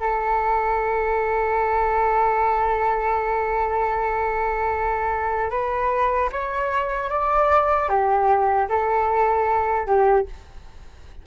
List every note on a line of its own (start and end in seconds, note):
0.00 5.50 A4
5.50 6.29 B4
6.32 7.10 C#5
7.10 7.89 D5
7.89 8.68 G4
8.69 9.86 A4
9.86 10.26 G4